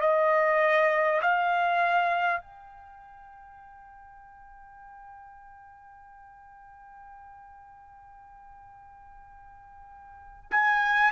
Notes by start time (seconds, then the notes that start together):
0.00 D#5
1.21 F5
2.41 G5
10.51 G#5